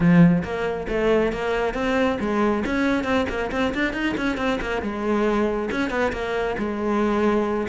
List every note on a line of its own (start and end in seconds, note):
0.00 0.42 F3
0.43 0.86 A#3
0.88 1.32 A3
1.32 1.74 A#3
1.74 2.17 C4
2.20 2.63 G#3
2.65 3.04 C#4
3.04 3.26 C4
3.29 3.51 A#3
3.51 3.73 C4
3.74 3.93 D4
3.93 4.15 D#4
4.17 4.37 C#4
4.37 4.59 C4
4.61 4.82 A#3
4.82 5.69 G#3
5.71 5.90 C#4
5.90 6.12 B3
6.12 6.56 A#3
6.58 7.67 G#3